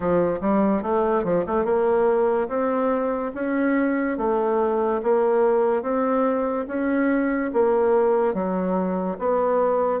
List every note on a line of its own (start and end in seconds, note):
0.00 0.39 F3
0.40 0.82 G3
0.82 1.23 A3
1.23 1.44 F3
1.46 1.64 A3
1.64 2.48 A#3
2.48 3.31 C4
3.34 4.17 C#4
4.17 5.01 A3
5.02 5.82 A#3
5.82 6.66 C4
6.67 7.51 C#4
7.53 8.33 A#3
8.33 9.17 F#3
9.18 10.00 B3